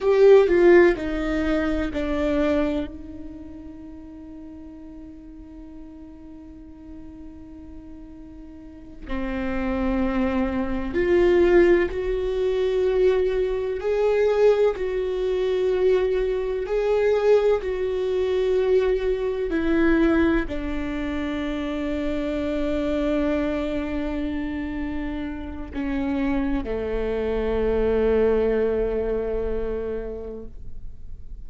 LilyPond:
\new Staff \with { instrumentName = "viola" } { \time 4/4 \tempo 4 = 63 g'8 f'8 dis'4 d'4 dis'4~ | dis'1~ | dis'4. c'2 f'8~ | f'8 fis'2 gis'4 fis'8~ |
fis'4. gis'4 fis'4.~ | fis'8 e'4 d'2~ d'8~ | d'2. cis'4 | a1 | }